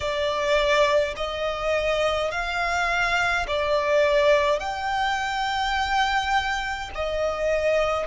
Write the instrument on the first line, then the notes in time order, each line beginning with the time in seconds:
violin
0.00 D5
1.16 D#5
2.31 F5
3.47 D5
4.59 G5
6.94 D#5